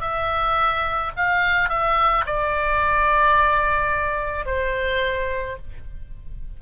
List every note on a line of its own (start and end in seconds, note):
0.00 1.11 E5
1.16 1.69 F5
1.69 2.24 E5
2.26 4.45 D5
4.45 5.57 C5